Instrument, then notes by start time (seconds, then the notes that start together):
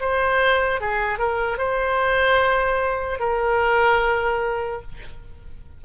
oboe
0.00 C5
0.81 G#4
1.19 A#4
1.57 C5
3.20 A#4